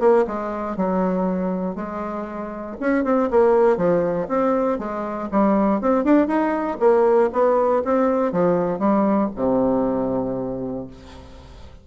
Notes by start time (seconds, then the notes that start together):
0.00 A#3
0.27 G#3
0.77 F#3
1.76 G#3
2.81 C#4
3.04 C4
3.31 A#3
3.77 F3
4.28 C4
4.79 G#3
5.31 G3
5.81 C4
6.04 D4
6.28 D#4
6.80 A#3
7.33 B3
7.85 C4
8.32 F3
8.79 G3
9.36 C3